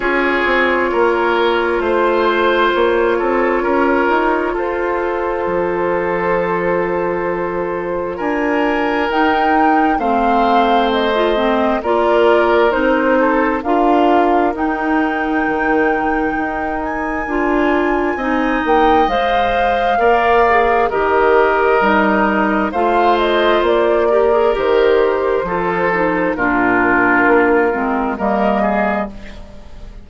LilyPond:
<<
  \new Staff \with { instrumentName = "flute" } { \time 4/4 \tempo 4 = 66 cis''2 c''4 cis''4~ | cis''4 c''2.~ | c''4 gis''4 g''4 f''4 | dis''4 d''4 c''4 f''4 |
g''2~ g''8 gis''4.~ | gis''8 g''8 f''2 dis''4~ | dis''4 f''8 dis''8 d''4 c''4~ | c''4 ais'2 dis''4 | }
  \new Staff \with { instrumentName = "oboe" } { \time 4/4 gis'4 ais'4 c''4. a'8 | ais'4 a'2.~ | a'4 ais'2 c''4~ | c''4 ais'4. a'8 ais'4~ |
ais'1 | dis''2 d''4 ais'4~ | ais'4 c''4. ais'4. | a'4 f'2 ais'8 gis'8 | }
  \new Staff \with { instrumentName = "clarinet" } { \time 4/4 f'1~ | f'1~ | f'2 dis'4 c'4~ | c'16 f'16 c'8 f'4 dis'4 f'4 |
dis'2. f'4 | dis'4 c''4 ais'8 gis'8 g'4 | dis'4 f'4. g'16 gis'16 g'4 | f'8 dis'8 d'4. c'8 ais4 | }
  \new Staff \with { instrumentName = "bassoon" } { \time 4/4 cis'8 c'8 ais4 a4 ais8 c'8 | cis'8 dis'8 f'4 f2~ | f4 d'4 dis'4 a4~ | a4 ais4 c'4 d'4 |
dis'4 dis4 dis'4 d'4 | c'8 ais8 gis4 ais4 dis4 | g4 a4 ais4 dis4 | f4 ais,4 ais8 gis8 g4 | }
>>